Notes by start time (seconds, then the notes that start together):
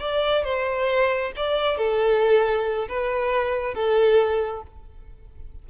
0.00 D5
0.45 C5
1.37 D5
1.78 A4
2.89 B4
3.75 A4